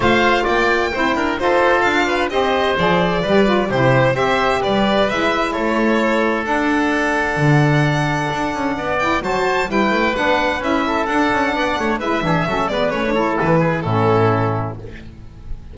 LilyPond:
<<
  \new Staff \with { instrumentName = "violin" } { \time 4/4 \tempo 4 = 130 f''4 g''2 c''4 | f''4 dis''4 d''2 | c''4 e''4 d''4 e''4 | cis''2 fis''2~ |
fis''2.~ fis''8 g''8 | a''4 g''4 fis''4 e''4 | fis''2 e''4. d''8 | cis''4 b'4 a'2 | }
  \new Staff \with { instrumentName = "oboe" } { \time 4/4 c''4 d''4 c''8 ais'8 a'4~ | a'8 b'8 c''2 b'4 | g'4 c''4 b'2 | a'1~ |
a'2. d''4 | c''4 b'2~ b'8 a'8~ | a'4 d''8 cis''8 b'8 gis'8 a'8 b'8~ | b'8 a'4 gis'8 e'2 | }
  \new Staff \with { instrumentName = "saxophone" } { \time 4/4 f'2 e'4 f'4~ | f'4 g'4 gis'4 g'8 f'8 | e'4 g'2 e'4~ | e'2 d'2~ |
d'2.~ d'8 e'8 | fis'4 e'4 d'4 e'4 | d'2 e'8 d'8 cis'8 b8 | cis'16 d'16 e'4. cis'2 | }
  \new Staff \with { instrumentName = "double bass" } { \time 4/4 a4 ais4 c'8 d'8 dis'4 | d'4 c'4 f4 g4 | c4 c'4 g4 gis4 | a2 d'2 |
d2 d'8 cis'8 b4 | fis4 g8 a8 b4 cis'4 | d'8 cis'8 b8 a8 gis8 e8 fis8 gis8 | a4 e4 a,2 | }
>>